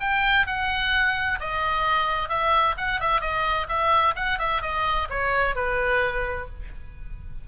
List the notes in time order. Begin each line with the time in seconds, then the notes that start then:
0.00 G5
0.46 F#5
1.40 D#5
2.29 E5
2.77 F#5
3.00 E5
3.21 D#5
3.68 E5
4.16 F#5
4.38 E5
4.62 D#5
5.10 C#5
5.55 B4